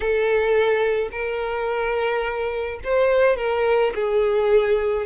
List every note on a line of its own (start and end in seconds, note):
0.00 1.09 A4
1.11 2.80 A#4
2.84 3.36 C5
3.36 3.93 A#4
3.94 5.05 G#4